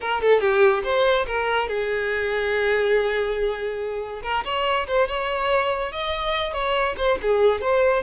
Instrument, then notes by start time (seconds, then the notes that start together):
violin
0.00 A#4
0.21 A4
0.40 G4
0.83 C5
1.26 A#4
1.68 G#4
4.23 A#4
4.44 C#5
4.87 C5
5.08 C#5
5.92 D#5
6.53 C#5
6.97 C5
7.22 G#4
7.61 C5